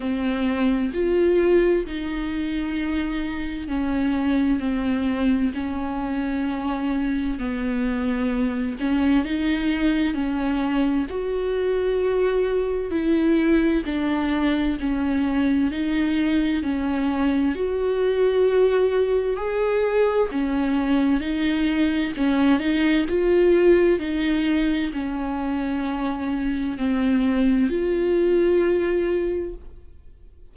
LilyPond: \new Staff \with { instrumentName = "viola" } { \time 4/4 \tempo 4 = 65 c'4 f'4 dis'2 | cis'4 c'4 cis'2 | b4. cis'8 dis'4 cis'4 | fis'2 e'4 d'4 |
cis'4 dis'4 cis'4 fis'4~ | fis'4 gis'4 cis'4 dis'4 | cis'8 dis'8 f'4 dis'4 cis'4~ | cis'4 c'4 f'2 | }